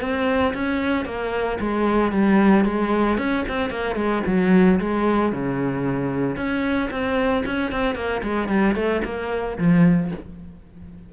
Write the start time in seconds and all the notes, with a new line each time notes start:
0.00 C4
0.54 C#4
1.05 A#3
1.60 G#3
2.11 G3
2.64 G#3
3.18 C#4
3.48 C4
3.70 A#3
3.95 G#3
4.26 F#3
4.80 G#3
5.32 C#3
6.36 C#4
6.90 C4
7.45 C#4
7.71 C4
7.95 A#3
8.22 G#3
8.48 G3
8.75 A3
9.04 A#3
9.58 F3